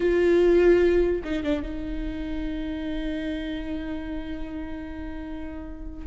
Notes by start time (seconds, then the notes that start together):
0.00 F4
1.23 D#4
1.43 D4
1.62 D#4